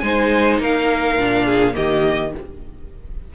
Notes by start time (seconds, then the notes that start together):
0.00 G#3 D#4 C5 G#5
0.60 A#3 A#4 F5
1.18 A#2 D4
1.46 G#4
1.74 D#3 A#3 G4 D#5